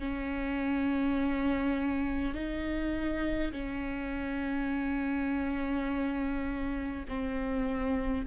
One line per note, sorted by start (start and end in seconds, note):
0.00 2.35 C#4
2.35 3.52 D#4
3.53 7.06 C#4
7.09 8.26 C4